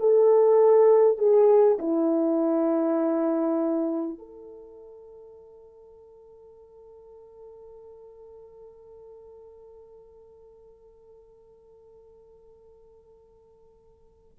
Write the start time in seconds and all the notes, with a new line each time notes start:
0.00 A4
1.19 G#4
1.79 E4
4.19 A4